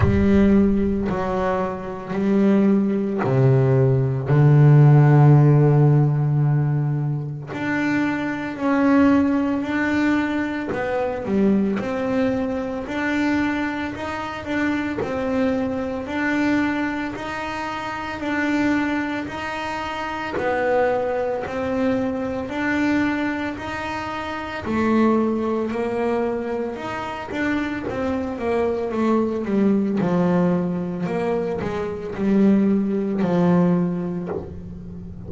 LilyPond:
\new Staff \with { instrumentName = "double bass" } { \time 4/4 \tempo 4 = 56 g4 fis4 g4 c4 | d2. d'4 | cis'4 d'4 b8 g8 c'4 | d'4 dis'8 d'8 c'4 d'4 |
dis'4 d'4 dis'4 b4 | c'4 d'4 dis'4 a4 | ais4 dis'8 d'8 c'8 ais8 a8 g8 | f4 ais8 gis8 g4 f4 | }